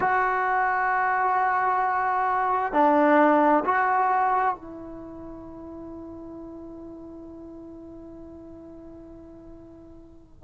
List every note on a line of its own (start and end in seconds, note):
0.00 2.72 F#4
2.72 3.63 D4
3.64 4.55 F#4
4.55 10.43 E4